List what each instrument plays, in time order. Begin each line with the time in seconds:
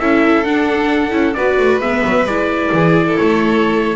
0.00 double bass C#4, viola E4, violin A4, trumpet E5
0.45 double bass D4, viola D4, trumpet F#5
1.11 double bass C#4, viola E4
1.34 double bass B3, viola F#4, violin B4, trumpet D5
1.59 double bass A3
1.80 double bass G#3, viola B3, trumpet E5
2.05 double bass F#3
2.25 double bass G#3, viola E4, trumpet D5
2.73 double bass E3, violin G#4
3.07 violin A4
3.18 double bass A3, trumpet C#5